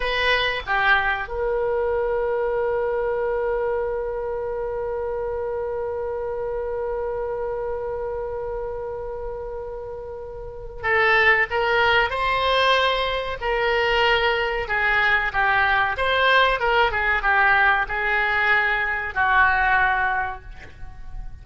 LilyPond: \new Staff \with { instrumentName = "oboe" } { \time 4/4 \tempo 4 = 94 b'4 g'4 ais'2~ | ais'1~ | ais'1~ | ais'1~ |
ais'4 a'4 ais'4 c''4~ | c''4 ais'2 gis'4 | g'4 c''4 ais'8 gis'8 g'4 | gis'2 fis'2 | }